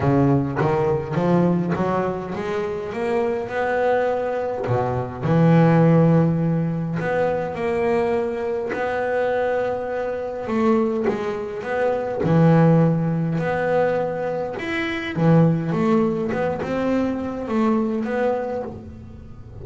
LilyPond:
\new Staff \with { instrumentName = "double bass" } { \time 4/4 \tempo 4 = 103 cis4 dis4 f4 fis4 | gis4 ais4 b2 | b,4 e2. | b4 ais2 b4~ |
b2 a4 gis4 | b4 e2 b4~ | b4 e'4 e4 a4 | b8 c'4. a4 b4 | }